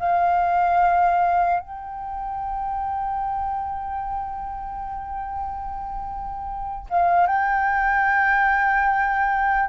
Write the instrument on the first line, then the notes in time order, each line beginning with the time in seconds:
flute
0.00 F5
1.60 G5
6.90 F5
7.27 G5